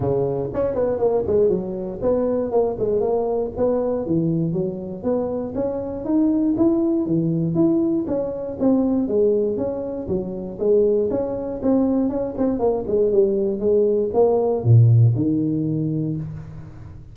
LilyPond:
\new Staff \with { instrumentName = "tuba" } { \time 4/4 \tempo 4 = 119 cis4 cis'8 b8 ais8 gis8 fis4 | b4 ais8 gis8 ais4 b4 | e4 fis4 b4 cis'4 | dis'4 e'4 e4 e'4 |
cis'4 c'4 gis4 cis'4 | fis4 gis4 cis'4 c'4 | cis'8 c'8 ais8 gis8 g4 gis4 | ais4 ais,4 dis2 | }